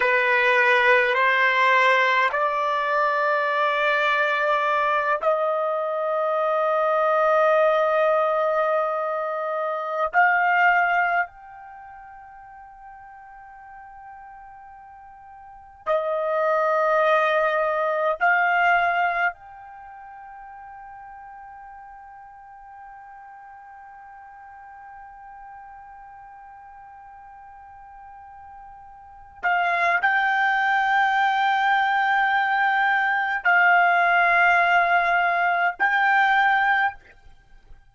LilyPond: \new Staff \with { instrumentName = "trumpet" } { \time 4/4 \tempo 4 = 52 b'4 c''4 d''2~ | d''8 dis''2.~ dis''8~ | dis''8. f''4 g''2~ g''16~ | g''4.~ g''16 dis''2 f''16~ |
f''8. g''2.~ g''16~ | g''1~ | g''4. f''8 g''2~ | g''4 f''2 g''4 | }